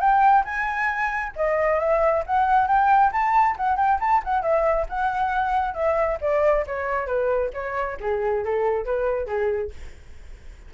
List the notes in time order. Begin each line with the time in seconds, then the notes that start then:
0.00 G5
0.44 G#5
1.36 D#5
1.79 E5
2.26 F#5
2.67 G5
3.12 A5
3.56 F#5
3.76 G5
4.00 A5
4.24 F#5
4.42 E5
4.89 F#5
5.74 E5
6.21 D5
6.66 C#5
7.06 B4
7.53 C#5
8.00 G#4
8.44 A4
8.85 B4
9.26 G#4